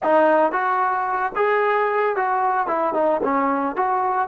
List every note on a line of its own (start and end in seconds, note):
0.03 0.52 D#4
0.52 1.32 F#4
1.35 2.16 G#4
2.16 2.67 F#4
2.67 2.93 E4
2.93 3.20 D#4
3.23 3.75 C#4
3.75 4.28 F#4